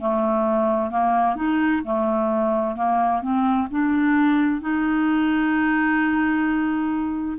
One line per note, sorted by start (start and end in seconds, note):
0.00 0.91 A3
0.91 1.36 A#3
1.36 1.83 D#4
1.84 2.77 A3
2.77 3.22 A#3
3.22 3.68 C4
3.71 4.62 D4
4.62 7.38 D#4